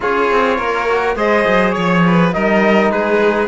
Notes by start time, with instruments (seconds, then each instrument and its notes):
0.00 cello C#4, trombone F4, violin G#4, trumpet C#5
0.31 cello C4
0.57 cello A#3, violin A#4
0.88 trombone F#4
1.15 cello G#3, trombone G#4, violin C5, trumpet D#5
1.47 cello F#3
1.71 cello F3, trumpet C#5, violin C#5
2.06 violin B4
2.33 cello G3, trombone D#4, violin A#4, trumpet D#5
2.91 cello G#3, violin G#4, trumpet B4